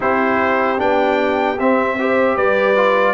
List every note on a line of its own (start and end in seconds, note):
0.00 0.80 C4
0.00 0.78 E4
0.00 1.97 G4
0.00 0.80 C5
0.78 1.59 B3
0.78 1.57 D4
0.78 1.59 G5
1.59 2.37 C4
1.59 1.99 C4
1.59 2.37 E5
1.99 2.75 G4
1.99 2.36 C5
2.36 3.14 G3
2.36 3.14 B4
2.36 3.14 D5
2.75 3.14 F4